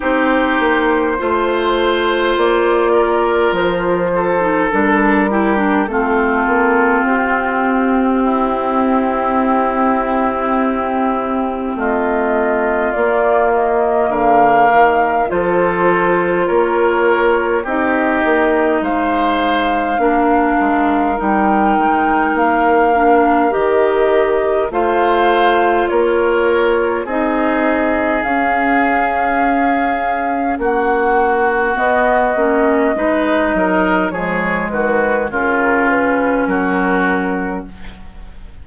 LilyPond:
<<
  \new Staff \with { instrumentName = "flute" } { \time 4/4 \tempo 4 = 51 c''2 d''4 c''4 | ais'4 a'4 g'2~ | g'2 dis''4 d''8 dis''8 | f''4 c''4 cis''4 dis''4 |
f''2 g''4 f''4 | dis''4 f''4 cis''4 dis''4 | f''2 fis''4 dis''4~ | dis''4 cis''8 b'8 ais'8 b'8 ais'4 | }
  \new Staff \with { instrumentName = "oboe" } { \time 4/4 g'4 c''4. ais'4 a'8~ | a'8 g'8 f'2 e'4~ | e'2 f'2 | ais'4 a'4 ais'4 g'4 |
c''4 ais'2.~ | ais'4 c''4 ais'4 gis'4~ | gis'2 fis'2 | b'8 ais'8 gis'8 fis'8 f'4 fis'4 | }
  \new Staff \with { instrumentName = "clarinet" } { \time 4/4 dis'4 f'2~ f'8. dis'16 | d'8 e'16 d'16 c'2.~ | c'2. ais4~ | ais4 f'2 dis'4~ |
dis'4 d'4 dis'4. d'8 | g'4 f'2 dis'4 | cis'2. b8 cis'8 | dis'4 gis4 cis'2 | }
  \new Staff \with { instrumentName = "bassoon" } { \time 4/4 c'8 ais8 a4 ais4 f4 | g4 a8 ais8 c'2~ | c'2 a4 ais4 | d8 dis8 f4 ais4 c'8 ais8 |
gis4 ais8 gis8 g8 gis8 ais4 | dis4 a4 ais4 c'4 | cis'2 ais4 b8 ais8 | gis8 fis8 f8 dis8 cis4 fis4 | }
>>